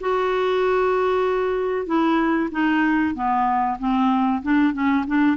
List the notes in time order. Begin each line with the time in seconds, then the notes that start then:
0.00 F#4
1.86 E4
2.51 D#4
3.14 B3
3.79 C4
4.42 D4
4.73 C#4
5.06 D4